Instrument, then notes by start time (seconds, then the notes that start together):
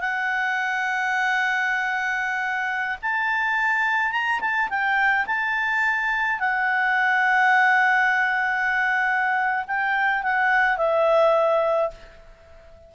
clarinet
0.00 F#5
3.02 A5
4.12 A#5
4.40 A5
4.69 G5
5.26 A5
6.39 F#5
9.67 G5
10.23 F#5
10.77 E5